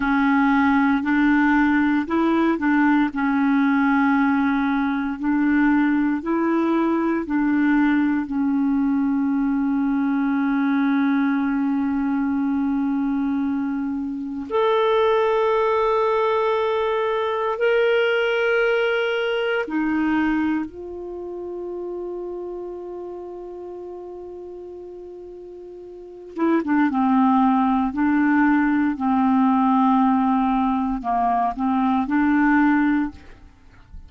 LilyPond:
\new Staff \with { instrumentName = "clarinet" } { \time 4/4 \tempo 4 = 58 cis'4 d'4 e'8 d'8 cis'4~ | cis'4 d'4 e'4 d'4 | cis'1~ | cis'2 a'2~ |
a'4 ais'2 dis'4 | f'1~ | f'4. e'16 d'16 c'4 d'4 | c'2 ais8 c'8 d'4 | }